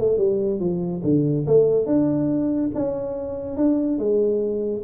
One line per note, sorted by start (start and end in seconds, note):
0.00 0.18 A3
0.18 0.60 G3
0.60 1.02 F3
1.04 1.46 D3
1.47 1.86 A3
1.86 2.71 D4
2.75 3.57 C#4
3.57 3.99 D4
3.99 4.83 G#3